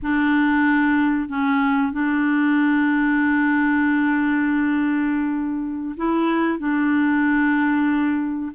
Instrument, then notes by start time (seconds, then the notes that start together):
clarinet
0.02 D4
1.28 C#4
1.92 D4
5.96 E4
6.58 D4